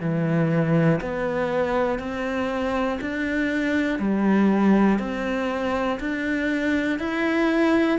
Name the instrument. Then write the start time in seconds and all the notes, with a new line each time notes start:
cello
0.00 E3
1.00 B3
2.00 C4
3.01 D4
4.00 G3
5.00 C4
6.00 D4
6.99 E4